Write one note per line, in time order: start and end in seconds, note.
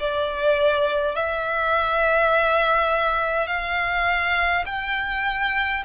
0.00 1.16 D5
1.16 3.47 E5
3.47 4.65 F5
4.66 5.83 G5